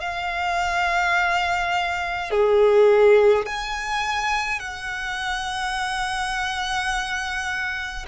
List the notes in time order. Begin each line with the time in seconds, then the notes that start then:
0.00 F5
2.31 G#4
3.46 G#5
4.59 F#5